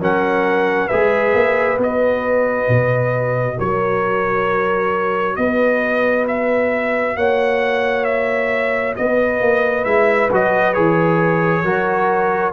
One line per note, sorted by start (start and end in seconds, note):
0.00 0.90 F#3
0.00 0.90 C#4
0.00 0.87 A#4
0.00 0.88 F#5
0.87 1.34 G#3
0.87 1.78 G#4
0.87 3.56 B4
0.87 1.78 E5
1.34 1.78 A#3
1.78 2.68 B3
1.78 9.84 F#4
1.78 3.59 D#5
2.69 3.58 B2
3.57 5.37 F#3
3.57 5.36 A#4
3.57 5.36 C#5
5.36 7.16 B3
5.36 7.18 B4
5.36 6.26 D#5
6.28 7.17 E5
7.16 8.95 A#3
7.16 8.97 C#5
7.16 8.04 F#5
8.04 8.94 E5
8.96 9.41 B3
8.96 11.64 B4
8.96 9.85 D#5
9.41 9.85 A#3
9.85 10.30 G#3
9.85 10.30 E4
9.85 10.29 E5
10.32 10.77 F#3
10.32 10.75 F#4
10.32 10.74 D#5
10.74 11.63 E3
10.74 11.64 G#4
10.74 12.53 C#5
11.63 12.53 F#3
11.63 12.53 F#4
11.63 12.53 A#4